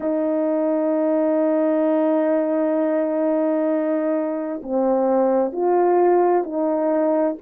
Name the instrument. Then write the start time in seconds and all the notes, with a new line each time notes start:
horn
0.00 D#4
4.62 C4
5.52 F4
6.43 D#4